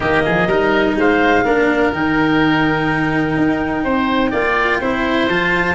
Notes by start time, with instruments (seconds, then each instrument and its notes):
0.00 tuba D#3, cello A#3, oboe G4, clarinet D#5
0.25 tuba F3, oboe G#4
0.47 tuba G3, cello D#4, oboe A#4
0.95 tuba G#3, oboe C5, clarinet F5
1.44 tuba A#3, cello D4, oboe A#4
1.91 tuba D#3, cello D#4, clarinet G5
3.37 tuba D#4
3.84 tuba C4, oboe C5
4.30 tuba A#3, cello F4, oboe D5
4.80 tuba C4, cello E4, oboe C5
5.28 tuba F3, cello F4, clarinet A5